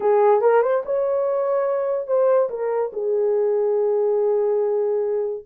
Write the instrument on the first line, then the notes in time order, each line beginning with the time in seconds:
horn
0.00 G#4
0.41 A#4
0.62 C5
0.85 C#5
2.07 C5
2.49 A#4
2.92 G#4